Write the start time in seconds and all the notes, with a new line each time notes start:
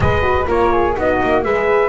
0.00 G#3 G#4 B4 D#5
0.22 F#4
0.47 A#3 F4 A#4 C#5
0.72 G#4
0.95 B3 D#4 F#4 D#5
1.22 A#3
1.43 G#3 G#4 B4 E5